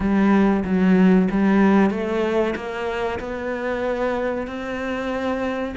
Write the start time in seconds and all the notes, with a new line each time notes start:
0.00 G3
0.64 F#3
1.30 G3
1.90 A3
2.55 A#3
3.19 B3
4.47 C4